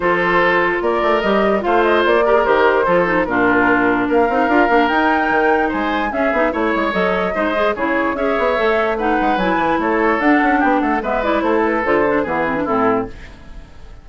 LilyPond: <<
  \new Staff \with { instrumentName = "flute" } { \time 4/4 \tempo 4 = 147 c''2 d''4 dis''4 | f''8 dis''8 d''4 c''2 | ais'2 f''2 | g''2 gis''4 e''4 |
cis''4 dis''2 cis''4 | e''2 fis''4 gis''4 | cis''4 fis''4 g''8 fis''8 e''8 d''8 | c''8 b'8 c''4 b'4 a'4 | }
  \new Staff \with { instrumentName = "oboe" } { \time 4/4 a'2 ais'2 | c''4. ais'4. a'4 | f'2 ais'2~ | ais'2 c''4 gis'4 |
cis''2 c''4 gis'4 | cis''2 b'2 | a'2 g'8 a'8 b'4 | a'2 gis'4 e'4 | }
  \new Staff \with { instrumentName = "clarinet" } { \time 4/4 f'2. g'4 | f'4. g'16 gis'16 g'4 f'8 dis'8 | d'2~ d'8 dis'8 f'8 d'8 | dis'2. cis'8 dis'8 |
e'4 a'4 dis'8 gis'8 e'4 | gis'4 a'4 dis'4 e'4~ | e'4 d'2 b8 e'8~ | e'4 f'8 d'8 b8 c'16 d'16 c'4 | }
  \new Staff \with { instrumentName = "bassoon" } { \time 4/4 f2 ais8 a8 g4 | a4 ais4 dis4 f4 | ais,2 ais8 c'8 d'8 ais8 | dis'4 dis4 gis4 cis'8 b8 |
a8 gis8 fis4 gis4 cis4 | cis'8 b8 a4. gis8 fis8 e8 | a4 d'8 cis'8 b8 a8 gis4 | a4 d4 e4 a,4 | }
>>